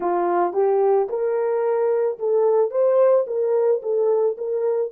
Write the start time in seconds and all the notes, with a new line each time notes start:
0.00 F4
0.53 G4
1.09 A#4
2.18 A4
2.70 C5
3.27 A#4
3.82 A4
4.37 A#4